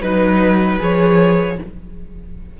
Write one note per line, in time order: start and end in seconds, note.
0.00 0.78 F#3
0.00 0.79 D#4
0.00 1.54 B4
0.00 0.79 B4
0.79 1.58 F3
0.79 1.56 G#4
0.79 1.59 C#5